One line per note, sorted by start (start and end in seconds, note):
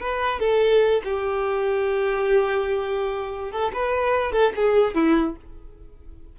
0.00 0.40 B4
0.40 1.02 A4
1.04 3.51 G4
3.51 3.72 A4
3.73 4.32 B4
4.32 4.53 A4
4.56 4.94 G#4
4.94 5.36 E4